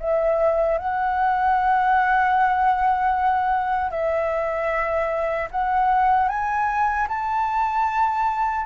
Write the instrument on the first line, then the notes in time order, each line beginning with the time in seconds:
flute
0.00 E5
0.78 F#5
3.91 E5
5.51 F#5
6.29 G#5
7.08 A5